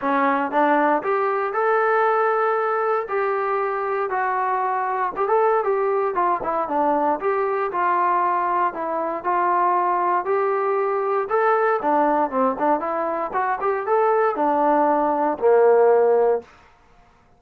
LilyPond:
\new Staff \with { instrumentName = "trombone" } { \time 4/4 \tempo 4 = 117 cis'4 d'4 g'4 a'4~ | a'2 g'2 | fis'2 g'16 a'8. g'4 | f'8 e'8 d'4 g'4 f'4~ |
f'4 e'4 f'2 | g'2 a'4 d'4 | c'8 d'8 e'4 fis'8 g'8 a'4 | d'2 ais2 | }